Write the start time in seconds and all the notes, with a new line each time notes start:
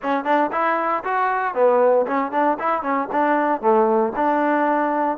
0.02 C#4
0.24 D4
0.51 E4
1.03 F#4
1.54 B3
2.07 C#4
2.31 D4
2.59 E4
2.82 C#4
3.12 D4
3.61 A3
4.15 D4